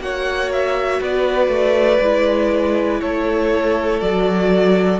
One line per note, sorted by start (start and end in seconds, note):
0.00 1.00 A#3
0.00 2.01 F#4
0.00 1.01 C#5
0.00 0.52 F#5
0.52 1.02 E5
1.01 1.48 B3
1.01 3.01 B4
1.01 3.01 D5
1.48 1.98 A3
2.01 3.01 G#3
2.01 4.02 E4
3.01 4.01 A3
3.01 5.00 A4
3.01 4.00 C#5
4.00 5.00 F#3
4.00 5.00 F#4
4.00 5.00 D5